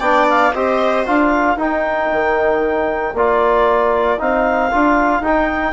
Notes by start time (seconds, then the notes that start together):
0.00 B3 D4 D5 G5
0.30 F5
0.54 C4 G4 C5 D#5
1.06 D4 F4 F5
1.33 A#4
1.56 D#4 G5
2.12 D#3
3.14 A#3 F4 D5
4.19 C4 D#4 F5
4.71 D4 F4
5.21 D#4 G5